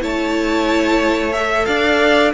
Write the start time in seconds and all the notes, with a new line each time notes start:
0.00 A3 E4 C#5 A5
1.33 A4 E5
1.65 D4 D5 F5